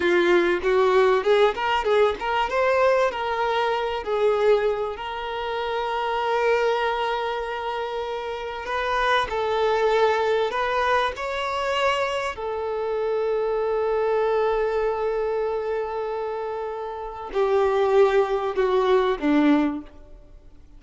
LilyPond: \new Staff \with { instrumentName = "violin" } { \time 4/4 \tempo 4 = 97 f'4 fis'4 gis'8 ais'8 gis'8 ais'8 | c''4 ais'4. gis'4. | ais'1~ | ais'2 b'4 a'4~ |
a'4 b'4 cis''2 | a'1~ | a'1 | g'2 fis'4 d'4 | }